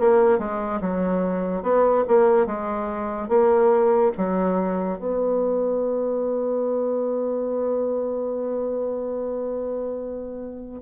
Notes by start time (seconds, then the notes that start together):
0.00 A#3
0.39 G#3
0.81 F#3
1.63 B3
2.08 A#3
2.47 G#3
3.29 A#3
4.18 F#3
4.99 B3